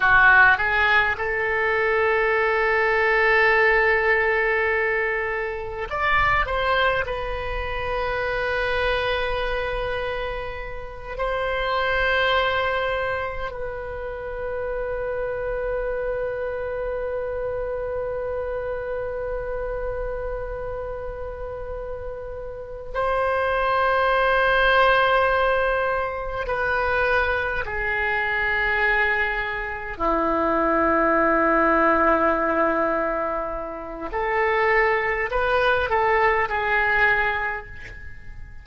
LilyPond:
\new Staff \with { instrumentName = "oboe" } { \time 4/4 \tempo 4 = 51 fis'8 gis'8 a'2.~ | a'4 d''8 c''8 b'2~ | b'4. c''2 b'8~ | b'1~ |
b'2.~ b'8 c''8~ | c''2~ c''8 b'4 gis'8~ | gis'4. e'2~ e'8~ | e'4 a'4 b'8 a'8 gis'4 | }